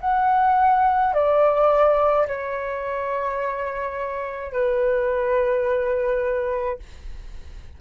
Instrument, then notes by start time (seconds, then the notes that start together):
flute
0.00 F#5
1.13 D5
2.27 C#5
4.52 B4